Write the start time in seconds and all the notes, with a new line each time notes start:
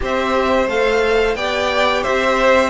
0.00 C4 G4 C5 E5
0.66 A3 A4 F5
1.35 B3 G4 D5 G5
2.02 C4 C5 E5